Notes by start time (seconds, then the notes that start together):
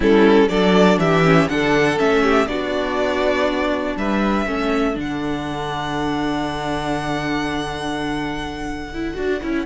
0.00 G3 C#4 E4 A4
0.48 F#3 D4 A4 D5
0.97 E3 G4 E5
1.24 C#4
1.48 D3 D4 A4 F#5
1.97 A3 C#4 E5
2.23 G4
2.47 B3 D4 F#4 D5
3.96 G3 B4 E5
4.46 A3 C#4 A4
4.94 D3 D4 F#5
8.93 E4
9.14 D4 F#4
9.42 C#4 E4